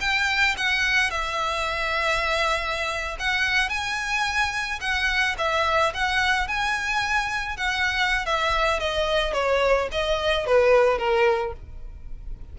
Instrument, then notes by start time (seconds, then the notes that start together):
violin
0.00 G5
0.57 F#5
1.10 E5
3.19 F#5
3.69 G#5
4.80 F#5
5.37 E5
5.93 F#5
6.47 G#5
7.56 F#5
8.25 E5
8.79 D#5
9.33 C#5
9.91 D#5
10.46 B4
10.97 A#4